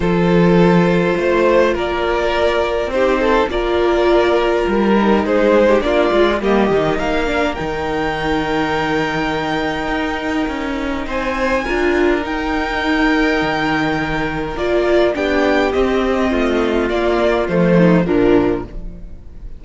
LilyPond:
<<
  \new Staff \with { instrumentName = "violin" } { \time 4/4 \tempo 4 = 103 c''2. d''4~ | d''4 c''4 d''2 | ais'4 c''4 d''4 dis''4 | f''4 g''2.~ |
g''2. gis''4~ | gis''4 g''2.~ | g''4 d''4 g''4 dis''4~ | dis''4 d''4 c''4 ais'4 | }
  \new Staff \with { instrumentName = "violin" } { \time 4/4 a'2 c''4 ais'4~ | ais'4 g'8 a'8 ais'2~ | ais'4 gis'8. g'16 f'4 g'4 | ais'1~ |
ais'2. c''4 | ais'1~ | ais'2 g'2 | f'2~ f'8 dis'8 d'4 | }
  \new Staff \with { instrumentName = "viola" } { \time 4/4 f'1~ | f'4 dis'4 f'2~ | f'8 dis'4. d'8 f'8 ais8 dis'8~ | dis'8 d'8 dis'2.~ |
dis'1 | f'4 dis'2.~ | dis'4 f'4 d'4 c'4~ | c'4 ais4 a4 f4 | }
  \new Staff \with { instrumentName = "cello" } { \time 4/4 f2 a4 ais4~ | ais4 c'4 ais2 | g4 gis4 ais8 gis8 g8 dis8 | ais4 dis2.~ |
dis4 dis'4 cis'4 c'4 | d'4 dis'2 dis4~ | dis4 ais4 b4 c'4 | a4 ais4 f4 ais,4 | }
>>